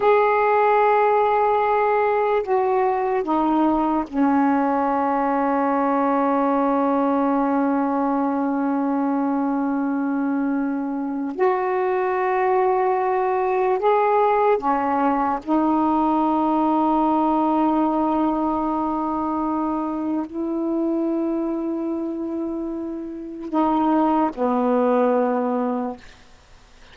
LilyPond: \new Staff \with { instrumentName = "saxophone" } { \time 4/4 \tempo 4 = 74 gis'2. fis'4 | dis'4 cis'2.~ | cis'1~ | cis'2 fis'2~ |
fis'4 gis'4 cis'4 dis'4~ | dis'1~ | dis'4 e'2.~ | e'4 dis'4 b2 | }